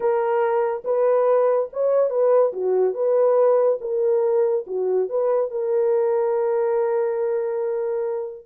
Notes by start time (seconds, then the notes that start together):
0.00 A#4
0.84 B4
1.72 C#5
2.10 B4
2.52 F#4
2.94 B4
3.80 A#4
4.66 F#4
5.09 B4
5.50 A#4